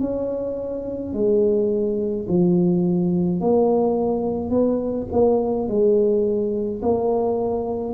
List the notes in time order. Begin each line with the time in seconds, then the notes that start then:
0.00 C#4
1.13 G#3
2.28 F3
3.41 A#3
4.50 B3
5.13 A#3
5.68 G#3
6.82 A#3